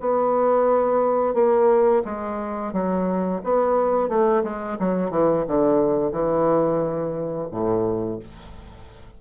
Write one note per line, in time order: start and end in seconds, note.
0.00 1.34 B3
1.34 2.02 A#3
2.05 2.73 G#3
2.73 3.41 F#3
3.43 4.09 B3
4.09 4.43 A3
4.43 4.78 G#3
4.79 5.10 F#3
5.10 5.44 E3
5.48 6.12 D3
6.12 7.48 E3
7.51 8.19 A2